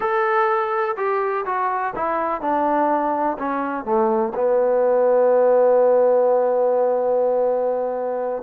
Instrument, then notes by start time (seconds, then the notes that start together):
trombone
0.00 A4
0.96 G4
1.45 F#4
1.95 E4
2.41 D4
3.38 C#4
3.84 A3
4.34 B3